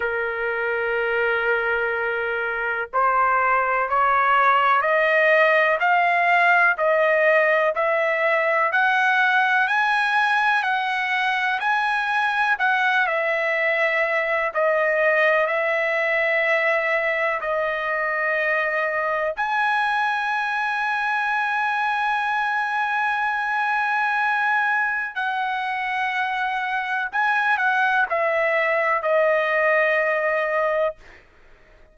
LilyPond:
\new Staff \with { instrumentName = "trumpet" } { \time 4/4 \tempo 4 = 62 ais'2. c''4 | cis''4 dis''4 f''4 dis''4 | e''4 fis''4 gis''4 fis''4 | gis''4 fis''8 e''4. dis''4 |
e''2 dis''2 | gis''1~ | gis''2 fis''2 | gis''8 fis''8 e''4 dis''2 | }